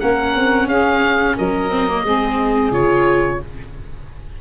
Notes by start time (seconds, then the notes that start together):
0.00 A#3 C#4 A#4 F#5
0.36 C4
0.67 C#4 G#4 F5
1.36 F#3 A#4 D#5
1.71 C4
1.88 A#3
2.04 G#3 C4 G#4
2.72 C#3 F4 C#5